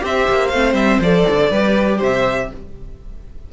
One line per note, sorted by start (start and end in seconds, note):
0.00 0.28 C4
0.00 0.50 G4
0.00 1.50 C5
0.00 0.48 E5
0.29 0.53 A#3
0.48 0.74 A3
0.48 1.03 C4
0.48 0.73 F5
0.74 0.98 G3
0.74 0.99 E5
1.00 1.25 F3
1.00 1.52 A4
1.00 2.02 D5
1.29 1.51 D3
1.50 2.00 G3
1.50 2.51 G4
1.50 1.98 B4
1.98 2.51 C3
1.98 2.47 C5
1.98 2.52 E5